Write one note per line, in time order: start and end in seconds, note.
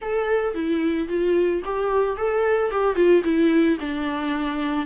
0.01 0.54 A4
0.54 1.08 E4
1.08 1.62 F4
1.64 2.16 G4
2.16 2.70 A4
2.70 2.95 G4
2.95 3.22 F4
3.24 3.78 E4
3.80 4.86 D4